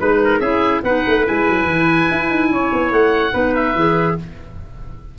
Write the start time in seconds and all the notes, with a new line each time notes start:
0.00 G#3 D#4 B4
0.24 A#4
0.40 C#4 E4 G#4 E5
0.83 B3 D#4 B4 F#5
1.07 A3
1.25 G#3 E4 G#5
1.48 F#3
1.64 E3
2.10 E4
2.30 D#4
2.50 C#4 C#5
2.72 B3
2.91 A3 F#5
3.32 B3 D#4 B4
3.54 E5
3.75 E3 G#4